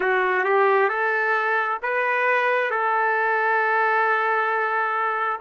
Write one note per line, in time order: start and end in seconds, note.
0.00 0.44 F#4
0.44 0.88 G4
0.88 1.78 A4
1.82 2.70 B4
2.70 5.39 A4